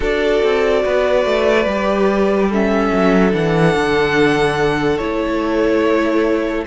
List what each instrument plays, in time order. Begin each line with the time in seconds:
0.00 cello D4, viola F#4, violin A4 D5
0.43 cello C4
0.84 cello B3, violin B4
1.25 cello A3
1.65 cello G3, viola G4
2.48 viola C#4, violin A4 E5
2.92 cello F#3
3.30 cello E3, viola D4, violin F#5
3.75 cello D3
4.97 cello A3, viola E4, violin C#5